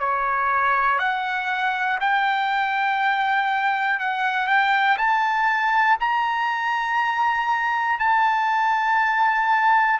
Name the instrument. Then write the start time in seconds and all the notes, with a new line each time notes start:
trumpet
0.00 C#5
1.00 F#5
2.01 G5
4.00 F#5
4.48 G5
4.98 A5
6.00 A#5
8.00 A5